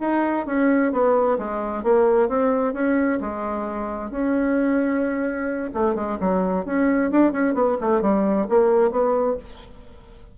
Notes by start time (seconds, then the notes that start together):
0.00 D#4
0.46 C#4
0.92 B3
1.38 G#3
1.83 A#3
2.28 C4
2.73 C#4
3.21 G#3
4.10 C#4
5.74 A3
5.95 G#3
6.20 F#3
6.65 C#4
7.11 D4
7.32 C#4
7.54 B3
7.81 A3
8.01 G3
8.49 A#3
8.91 B3